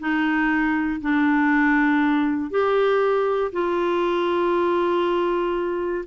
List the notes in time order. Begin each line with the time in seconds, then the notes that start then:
0.00 D#4
1.01 D4
2.51 G4
3.52 F4